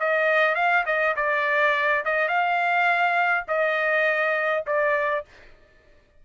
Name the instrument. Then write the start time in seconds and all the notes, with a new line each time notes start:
trumpet
0.00 D#5
0.55 F5
0.86 D#5
1.17 D5
2.05 D#5
2.29 F5
3.48 D#5
4.67 D5